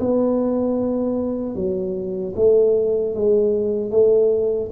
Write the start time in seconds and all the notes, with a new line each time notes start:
0.00 B3
1.55 F#3
2.36 A3
3.15 G#3
3.91 A3